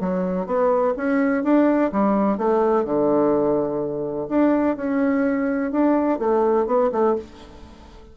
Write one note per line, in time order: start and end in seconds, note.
0.00 0.47 F#3
0.47 0.94 B3
0.97 1.44 C#4
1.44 1.91 D4
1.92 2.38 G3
2.38 2.85 A3
2.85 4.27 D3
4.29 4.76 D4
4.77 5.72 C#4
5.72 6.19 D4
6.19 6.66 A3
6.67 6.90 B3
6.92 7.16 A3